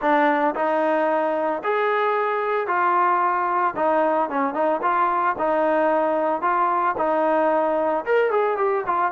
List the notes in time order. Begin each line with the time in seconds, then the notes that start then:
0.01 D4
0.55 D#4
1.63 G#4
2.67 F4
3.75 D#4
4.29 C#4
4.54 D#4
4.81 F4
5.38 D#4
6.41 F4
6.97 D#4
8.05 A#4
8.31 G#4
8.57 G4
8.86 F4